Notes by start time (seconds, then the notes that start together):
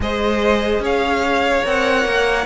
0.00 G#3 G#4 C5 D#5
0.79 C#4 C#5
0.85 F5
1.63 C4 A#4 F#5
2.05 A#3